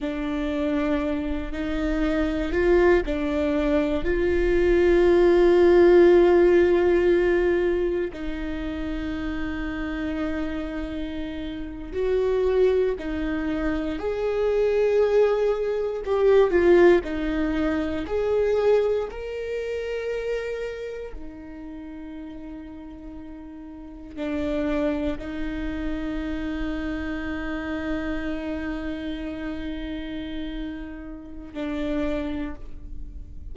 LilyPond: \new Staff \with { instrumentName = "viola" } { \time 4/4 \tempo 4 = 59 d'4. dis'4 f'8 d'4 | f'1 | dis'2.~ dis'8. fis'16~ | fis'8. dis'4 gis'2 g'16~ |
g'16 f'8 dis'4 gis'4 ais'4~ ais'16~ | ais'8. dis'2. d'16~ | d'8. dis'2.~ dis'16~ | dis'2. d'4 | }